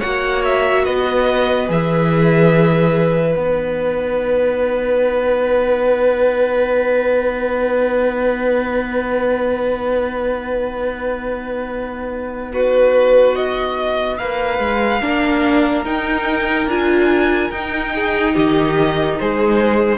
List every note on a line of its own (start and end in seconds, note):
0.00 0.87 A#3
0.00 1.67 F#4
0.00 0.83 C#5
0.00 0.42 F#5
0.45 0.85 E5
0.85 1.69 B3
0.85 12.52 B4
0.85 1.68 D#5
1.67 3.36 E3
1.67 3.33 G#4
1.67 3.35 E5
3.33 14.20 B3
3.33 14.99 D#4
3.33 12.52 F#5
12.52 14.19 F#4
12.52 13.36 B4
13.36 14.18 D#5
14.18 14.59 A#3
14.18 15.02 B4
14.18 15.85 F5
14.59 15.01 G#3
15.01 15.86 A#3
15.01 15.85 D4
15.01 17.93 A#4
15.85 16.68 D#4
15.85 16.66 D#4
15.85 16.69 G5
16.66 17.50 D4
16.66 17.53 F4
16.66 17.52 G#5
17.51 18.34 D#4
17.51 19.98 D#4
17.51 18.35 G5
17.95 18.35 G#4
18.35 19.20 D#3
18.35 19.18 G4
18.35 19.19 D#5
19.19 19.98 G#3
19.19 19.98 G#4
19.19 19.98 C5